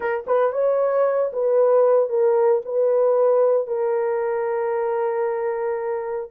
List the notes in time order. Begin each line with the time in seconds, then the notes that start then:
0.00 A#4
0.27 B4
0.52 C#5
1.32 B4
2.09 A#4
2.65 B4
3.67 A#4